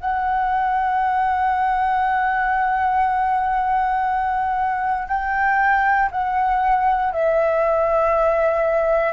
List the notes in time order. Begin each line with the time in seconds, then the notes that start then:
0.00 F#5
5.08 G5
6.11 F#5
7.12 E5